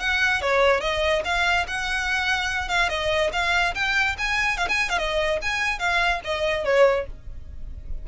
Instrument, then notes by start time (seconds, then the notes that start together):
violin
0.00 F#5
0.41 C#5
0.81 D#5
1.25 F5
1.68 F#5
2.69 F5
2.89 D#5
3.33 F5
3.75 G5
4.19 G#5
4.58 F5
4.69 G#5
4.90 F5
4.98 D#5
5.42 G#5
5.79 F5
6.24 D#5
6.65 C#5